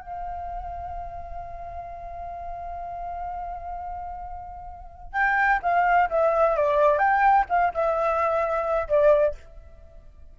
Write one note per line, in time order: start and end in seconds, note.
0.00 5.13 F5
5.13 5.60 G5
5.62 6.09 F5
6.09 6.56 E5
6.56 6.98 D5
6.98 7.45 G5
7.49 7.73 F5
7.74 8.88 E5
8.88 9.35 D5